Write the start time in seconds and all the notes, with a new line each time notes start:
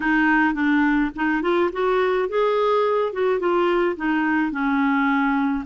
0.00 D#4
0.54 D4
1.15 D#4
1.42 F4
1.72 F#4
2.28 G#4
3.12 F#4
3.39 F4
3.96 D#4
4.51 C#4